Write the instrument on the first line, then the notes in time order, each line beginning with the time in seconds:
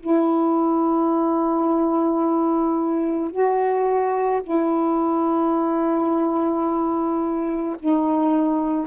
saxophone
0.00 E4
3.31 F#4
4.43 E4
7.80 D#4